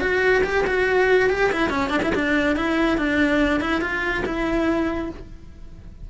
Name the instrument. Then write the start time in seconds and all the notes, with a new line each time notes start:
cello
0.00 F#4
0.43 G4
0.66 F#4
1.29 G4
1.52 E4
1.69 C#4
1.89 D4
2.02 E4
2.15 D4
2.56 E4
2.97 D4
3.60 E4
3.81 F4
4.25 E4